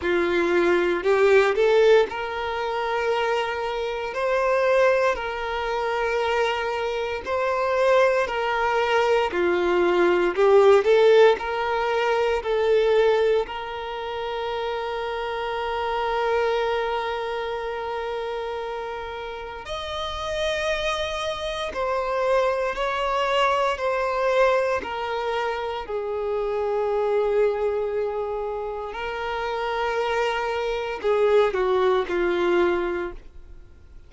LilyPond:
\new Staff \with { instrumentName = "violin" } { \time 4/4 \tempo 4 = 58 f'4 g'8 a'8 ais'2 | c''4 ais'2 c''4 | ais'4 f'4 g'8 a'8 ais'4 | a'4 ais'2.~ |
ais'2. dis''4~ | dis''4 c''4 cis''4 c''4 | ais'4 gis'2. | ais'2 gis'8 fis'8 f'4 | }